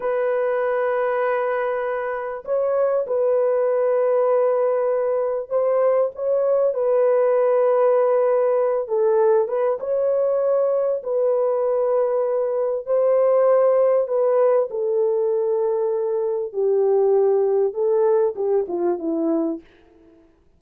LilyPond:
\new Staff \with { instrumentName = "horn" } { \time 4/4 \tempo 4 = 98 b'1 | cis''4 b'2.~ | b'4 c''4 cis''4 b'4~ | b'2~ b'8 a'4 b'8 |
cis''2 b'2~ | b'4 c''2 b'4 | a'2. g'4~ | g'4 a'4 g'8 f'8 e'4 | }